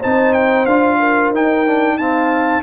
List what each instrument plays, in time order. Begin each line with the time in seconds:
0.00 tuba C4, trombone D#4, horn C5, trumpet A5
0.33 trumpet G5
0.66 tuba D4, trombone F4, trumpet F5
0.99 horn A#4
1.30 tuba D#4, trombone D#4, trumpet G5
1.67 trombone D4
1.98 trombone C4, horn F5, trumpet A5